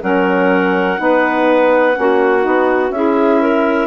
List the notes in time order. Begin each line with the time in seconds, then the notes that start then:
0.00 F#3 C#4 A#4 F#5
0.97 B3 D#4 B4
1.93 A#3 C#4
1.99 F#4
2.41 B3 D#4
2.90 C#4 E4 G#4 E5
3.41 A#4